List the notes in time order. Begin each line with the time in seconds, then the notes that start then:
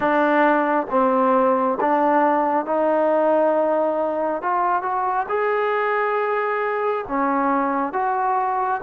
0.00 D4
0.90 C4
1.80 D4
2.65 D#4
4.42 F4
4.82 F#4
5.28 G#4
7.07 C#4
7.92 F#4